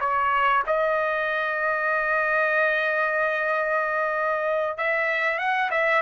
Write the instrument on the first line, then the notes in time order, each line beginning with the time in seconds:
trumpet
0.00 C#5
0.67 D#5
4.78 E5
5.39 F#5
5.71 E5